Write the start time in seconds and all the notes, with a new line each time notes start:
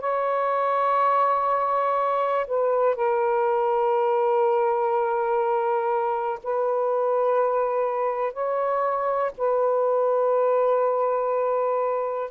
0.00 C#5
2.47 B4
2.95 A#4
6.43 B4
8.33 C#5
9.38 B4